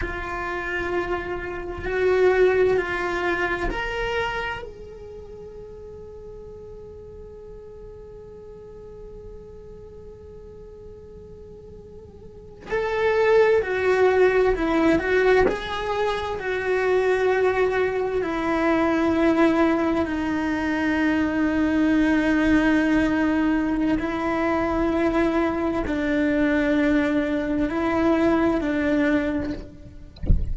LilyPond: \new Staff \with { instrumentName = "cello" } { \time 4/4 \tempo 4 = 65 f'2 fis'4 f'4 | ais'4 gis'2.~ | gis'1~ | gis'4.~ gis'16 a'4 fis'4 e'16~ |
e'16 fis'8 gis'4 fis'2 e'16~ | e'4.~ e'16 dis'2~ dis'16~ | dis'2 e'2 | d'2 e'4 d'4 | }